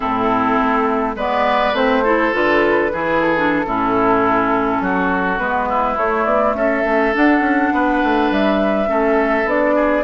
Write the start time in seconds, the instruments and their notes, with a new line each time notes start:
0.00 bassoon A2, clarinet C4, oboe E4, flute A4
0.59 bassoon A3
1.15 bassoon G#3, clarinet B3, oboe B4, flute D5
1.73 bassoon A3, clarinet C4, flute C5
2.03 clarinet E4, oboe A4
2.32 bassoon D3, clarinet F4, flute B4
2.92 bassoon E3, clarinet E4, oboe G#4
3.20 flute A4
3.36 clarinet D4
3.66 bassoon A2, clarinet C#4, oboe E4
4.81 bassoon F#3, oboe F#4
5.38 bassoon G#3, clarinet B3, flute B4
5.69 oboe E4
5.96 clarinet A3, bassoon A3, flute C#5
6.24 bassoon B3, flute D5
6.54 bassoon C#4, oboe A4, flute E5
6.84 bassoon A3, clarinet C#4
7.12 clarinet D4, bassoon D4, flute F#5
7.40 bassoon C#4
7.72 bassoon B3, oboe B4
8.03 bassoon A3
8.30 bassoon G3, flute E5
8.86 bassoon A3, clarinet C#4, oboe A4
9.45 bassoon B3, clarinet D4, flute D5
9.75 oboe G#4